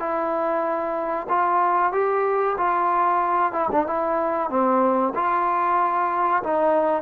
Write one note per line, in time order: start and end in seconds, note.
0.00 1.28 E4
1.29 1.93 F4
1.93 2.57 G4
2.58 3.53 F4
3.53 3.69 E4
3.72 3.87 D4
3.87 4.50 E4
4.50 5.14 C4
5.16 6.43 F4
6.44 7.03 D#4